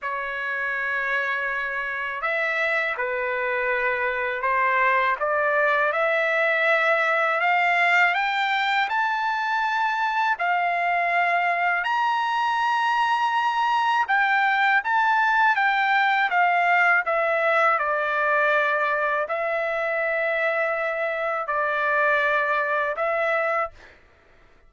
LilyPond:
\new Staff \with { instrumentName = "trumpet" } { \time 4/4 \tempo 4 = 81 cis''2. e''4 | b'2 c''4 d''4 | e''2 f''4 g''4 | a''2 f''2 |
ais''2. g''4 | a''4 g''4 f''4 e''4 | d''2 e''2~ | e''4 d''2 e''4 | }